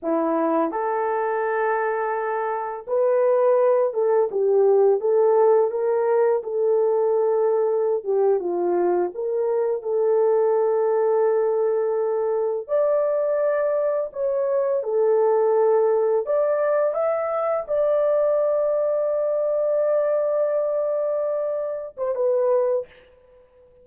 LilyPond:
\new Staff \with { instrumentName = "horn" } { \time 4/4 \tempo 4 = 84 e'4 a'2. | b'4. a'8 g'4 a'4 | ais'4 a'2~ a'16 g'8 f'16~ | f'8. ais'4 a'2~ a'16~ |
a'4.~ a'16 d''2 cis''16~ | cis''8. a'2 d''4 e''16~ | e''8. d''2.~ d''16~ | d''2~ d''8. c''16 b'4 | }